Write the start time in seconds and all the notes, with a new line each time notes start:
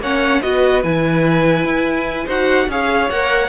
0.00 A#3 C#4 C#5 F#5
0.41 B3 F#4 B4 D#5
0.82 E3 E4 G#5
1.64 E4
2.25 D#4 F#4 C5 F#5
2.68 C#4 G#4 C#5 F5
3.10 A#3 A#4 F#5